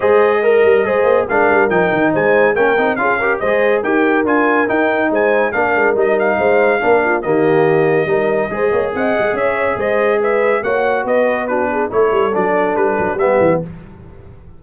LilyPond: <<
  \new Staff \with { instrumentName = "trumpet" } { \time 4/4 \tempo 4 = 141 dis''2. f''4 | g''4 gis''4 g''4 f''4 | dis''4 g''4 gis''4 g''4 | gis''4 f''4 dis''8 f''4.~ |
f''4 dis''2.~ | dis''4 fis''4 e''4 dis''4 | e''4 fis''4 dis''4 b'4 | cis''4 d''4 b'4 e''4 | }
  \new Staff \with { instrumentName = "horn" } { \time 4/4 c''4 ais'4 c''4 ais'4~ | ais'4 c''4 ais'4 gis'8 ais'8 | c''4 ais'2. | c''4 ais'2 c''4 |
ais'8 f'8 g'2 ais'4 | c''8 cis''8 dis''4 cis''4 c''4 | b'4 cis''4 b'4 fis'8 gis'8 | a'2. g'4 | }
  \new Staff \with { instrumentName = "trombone" } { \time 4/4 gis'4 ais'4 gis'4 d'4 | dis'2 cis'8 dis'8 f'8 g'8 | gis'4 g'4 f'4 dis'4~ | dis'4 d'4 dis'2 |
d'4 ais2 dis'4 | gis'1~ | gis'4 fis'2 d'4 | e'4 d'2 b4 | }
  \new Staff \with { instrumentName = "tuba" } { \time 4/4 gis4. g8 gis8 ais8 gis8 g8 | f8 dis8 gis4 ais8 c'8 cis'4 | gis4 dis'4 d'4 dis'4 | gis4 ais8 gis8 g4 gis4 |
ais4 dis2 g4 | gis8 ais8 c'8 gis8 cis'4 gis4~ | gis4 ais4 b2 | a8 g8 fis4 g8 fis8 g8 e8 | }
>>